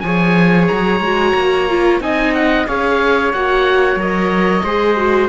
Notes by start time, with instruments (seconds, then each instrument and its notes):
0.00 cello F3, viola G#4, trumpet C#5, oboe G#5
0.68 cello F#3, oboe A#5
1.00 cello G#3, viola F#4
1.34 cello A#3
1.69 viola F4
2.00 cello C4, viola D#4, trumpet D#5, oboe G#5
2.34 oboe F#5
2.67 cello C#4, viola G#4, trumpet C#5, oboe F5
3.33 cello A#3, viola F#4, oboe F#5
3.96 cello F#3, viola A#4, oboe D#5
4.63 cello G#3, viola G#4, trumpet C5
4.97 viola F#4